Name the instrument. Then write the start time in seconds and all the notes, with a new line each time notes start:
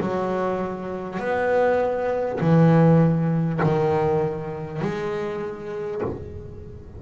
double bass
0.00 F#3
1.19 B3
2.40 E3
3.63 D#3
4.81 G#3